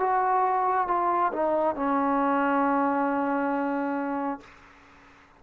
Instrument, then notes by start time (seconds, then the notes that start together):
trombone
0.00 F#4
0.88 F4
1.34 D#4
1.76 C#4